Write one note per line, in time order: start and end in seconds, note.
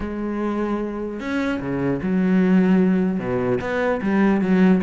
0.00 1.19 G#3
1.20 1.60 C#4
1.60 2.00 C#3
2.02 3.19 F#3
3.19 3.59 B2
3.61 4.01 B3
4.02 4.41 G3
4.41 4.81 F#3